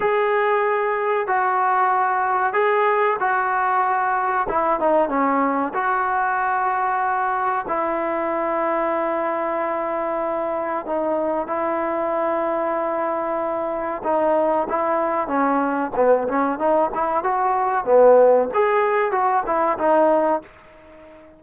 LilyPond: \new Staff \with { instrumentName = "trombone" } { \time 4/4 \tempo 4 = 94 gis'2 fis'2 | gis'4 fis'2 e'8 dis'8 | cis'4 fis'2. | e'1~ |
e'4 dis'4 e'2~ | e'2 dis'4 e'4 | cis'4 b8 cis'8 dis'8 e'8 fis'4 | b4 gis'4 fis'8 e'8 dis'4 | }